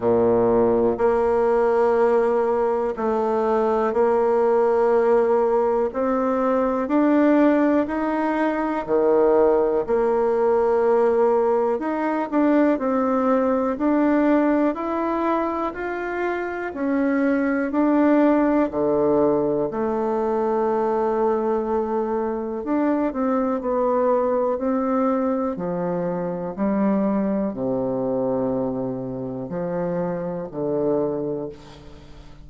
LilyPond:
\new Staff \with { instrumentName = "bassoon" } { \time 4/4 \tempo 4 = 61 ais,4 ais2 a4 | ais2 c'4 d'4 | dis'4 dis4 ais2 | dis'8 d'8 c'4 d'4 e'4 |
f'4 cis'4 d'4 d4 | a2. d'8 c'8 | b4 c'4 f4 g4 | c2 f4 d4 | }